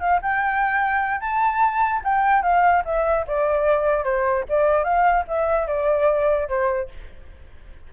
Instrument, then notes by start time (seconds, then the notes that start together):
flute
0.00 F5
0.22 G5
1.21 A5
2.04 G5
2.43 F5
2.85 E5
3.27 D5
4.04 C5
4.49 D5
4.84 F5
5.28 E5
5.67 D5
6.48 C5